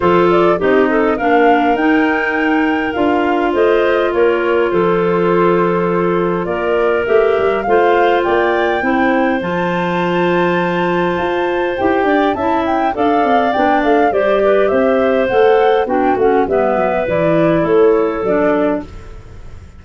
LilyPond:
<<
  \new Staff \with { instrumentName = "flute" } { \time 4/4 \tempo 4 = 102 c''8 d''8 dis''4 f''4 g''4~ | g''4 f''4 dis''4 cis''4 | c''2. d''4 | e''4 f''4 g''2 |
a''1 | g''4 a''8 g''8 f''4 g''8 f''8 | d''4 e''4 fis''4 g''8 fis''8 | e''4 d''4 cis''4 d''4 | }
  \new Staff \with { instrumentName = "clarinet" } { \time 4/4 a'4 g'8 a'8 ais'2~ | ais'2 c''4 ais'4 | a'2. ais'4~ | ais'4 c''4 d''4 c''4~ |
c''1~ | c''8 d''8 e''4 d''2 | c''8 b'8 c''2 fis'4 | b'2 a'2 | }
  \new Staff \with { instrumentName = "clarinet" } { \time 4/4 f'4 dis'4 d'4 dis'4~ | dis'4 f'2.~ | f'1 | g'4 f'2 e'4 |
f'1 | g'4 e'4 a'4 d'4 | g'2 a'4 d'8 cis'8 | b4 e'2 d'4 | }
  \new Staff \with { instrumentName = "tuba" } { \time 4/4 f4 c'4 ais4 dis'4~ | dis'4 d'4 a4 ais4 | f2. ais4 | a8 g8 a4 ais4 c'4 |
f2. f'4 | e'8 d'8 cis'4 d'8 c'8 b8 a8 | g4 c'4 a4 b8 a8 | g8 fis8 e4 a4 fis4 | }
>>